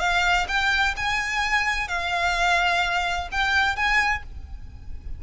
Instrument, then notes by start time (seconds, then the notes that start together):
violin
0.00 F5
0.48 G5
0.97 G#5
1.88 F5
3.32 G5
3.76 G#5